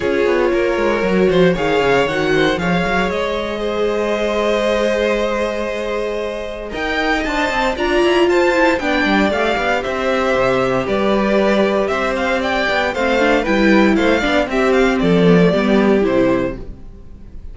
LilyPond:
<<
  \new Staff \with { instrumentName = "violin" } { \time 4/4 \tempo 4 = 116 cis''2. f''4 | fis''4 f''4 dis''2~ | dis''1~ | dis''4 g''4 a''4 ais''4 |
a''4 g''4 f''4 e''4~ | e''4 d''2 e''8 f''8 | g''4 f''4 g''4 f''4 | e''8 f''8 d''2 c''4 | }
  \new Staff \with { instrumentName = "violin" } { \time 4/4 gis'4 ais'4. c''8 cis''4~ | cis''8 c''8 cis''2 c''4~ | c''1~ | c''4 dis''2 d''4 |
c''4 d''2 c''4~ | c''4 b'2 c''4 | d''4 c''4 b'4 c''8 d''8 | g'4 a'4 g'2 | }
  \new Staff \with { instrumentName = "viola" } { \time 4/4 f'2 fis'4 gis'4 | fis'4 gis'2.~ | gis'1~ | gis'4 ais'4 c''4 f'4~ |
f'8 e'8 d'4 g'2~ | g'1~ | g'4 c'8 d'8 e'4. d'8 | c'4. b16 a16 b4 e'4 | }
  \new Staff \with { instrumentName = "cello" } { \time 4/4 cis'8 b8 ais8 gis8 fis8 f8 dis8 cis8 | dis4 f8 fis8 gis2~ | gis1~ | gis4 dis'4 d'8 c'8 d'8 e'8 |
f'4 b8 g8 a8 b8 c'4 | c4 g2 c'4~ | c'8 b8 a4 g4 a8 b8 | c'4 f4 g4 c4 | }
>>